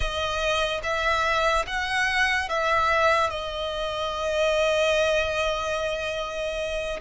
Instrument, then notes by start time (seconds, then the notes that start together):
violin
0.00 D#5
0.83 E5
1.66 F#5
2.48 E5
3.30 D#5